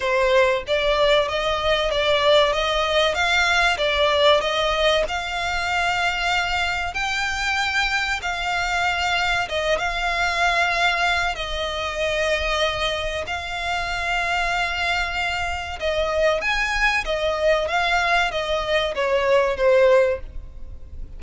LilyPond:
\new Staff \with { instrumentName = "violin" } { \time 4/4 \tempo 4 = 95 c''4 d''4 dis''4 d''4 | dis''4 f''4 d''4 dis''4 | f''2. g''4~ | g''4 f''2 dis''8 f''8~ |
f''2 dis''2~ | dis''4 f''2.~ | f''4 dis''4 gis''4 dis''4 | f''4 dis''4 cis''4 c''4 | }